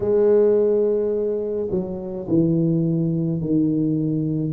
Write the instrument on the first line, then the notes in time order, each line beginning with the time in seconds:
tuba
0.00 G#3
1.70 F#3
2.28 E3
3.40 D#3